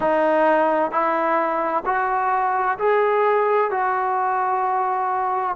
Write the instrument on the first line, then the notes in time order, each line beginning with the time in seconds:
trombone
0.00 D#4
0.91 E4
1.85 F#4
2.78 G#4
3.70 F#4